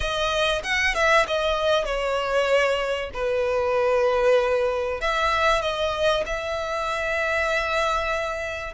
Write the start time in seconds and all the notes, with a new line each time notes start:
0.00 D#5
0.63 F#5
0.94 E5
1.27 D#5
1.85 C#5
3.13 B4
5.01 E5
5.61 D#5
6.26 E5